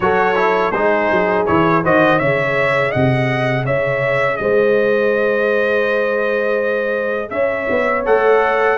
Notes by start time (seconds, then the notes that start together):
0.00 F#3 F#4 A4 C#5
0.35 E4
0.71 G#3 D#4 G#4 C5
1.11 F#3
1.46 E3 E4 C#5
1.83 D#3 F#4 C5 D#5
2.19 C#3 G#4 C#5 E5
2.90 C3 D#5 F#5
3.65 C#3 C#5 E5
4.36 G#3 C5 D#5
7.29 C#4 C#5 E5
7.69 B3
8.05 A3 A4 F#5